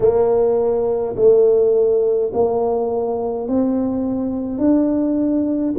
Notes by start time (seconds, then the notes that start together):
0.00 A#3
1.15 A3
2.33 A#3
3.48 C4
4.58 D4